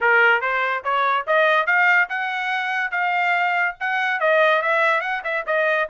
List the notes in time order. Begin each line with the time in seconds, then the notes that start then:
0.00 A#4
0.41 C5
0.84 C#5
1.26 D#5
1.66 F5
2.09 F#5
2.91 F5
3.80 F#5
4.20 D#5
4.62 E5
5.00 F#5
5.24 E5
5.46 D#5